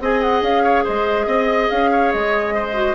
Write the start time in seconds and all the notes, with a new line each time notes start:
0.00 C4 G#4 D#5 G#5
0.22 F#5
0.42 C#4 F5
0.64 C#5
0.84 G#3 C5 D#5
1.27 C4 D#5
1.70 C#4 F5
1.92 C#5
2.12 G#3 D#5
2.55 C5
2.74 F#4